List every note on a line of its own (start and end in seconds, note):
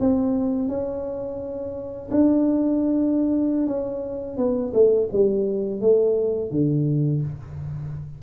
0.00 0.69 C4
0.69 2.10 C#4
2.11 3.67 D4
3.67 4.37 C#4
4.37 4.72 B3
4.74 5.09 A3
5.12 5.81 G3
5.81 6.51 A3
6.51 7.22 D3